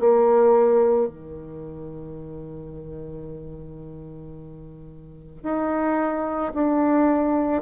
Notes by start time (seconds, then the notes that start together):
0.00 A#3
1.08 D#3
5.43 D#4
6.55 D4